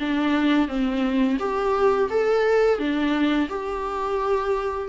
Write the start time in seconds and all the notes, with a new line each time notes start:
0.00 D4
0.68 C4
1.40 G4
2.10 A4
2.79 D4
3.49 G4